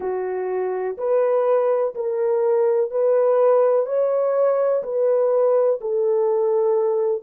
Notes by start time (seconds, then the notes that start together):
0.00 F#4
0.97 B4
1.94 A#4
2.90 B4
3.86 C#5
4.83 B4
5.81 A4